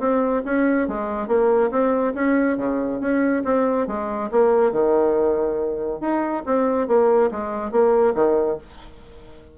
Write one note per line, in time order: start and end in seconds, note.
0.00 0.43 C4
0.46 0.88 C#4
0.88 1.28 G#3
1.28 1.71 A#3
1.71 2.14 C4
2.15 2.58 C#4
2.58 3.01 C#3
3.01 3.44 C#4
3.45 3.88 C4
3.88 4.31 G#3
4.32 4.72 A#3
4.72 6.01 D#3
6.01 6.44 D#4
6.46 6.88 C4
6.88 7.31 A#3
7.32 7.72 G#3
7.72 8.15 A#3
8.15 8.58 D#3